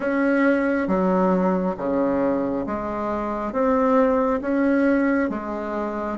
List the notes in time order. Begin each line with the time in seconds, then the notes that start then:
0.00 C#4
0.87 F#3
1.77 C#3
2.66 G#3
3.52 C4
4.41 C#4
5.29 G#3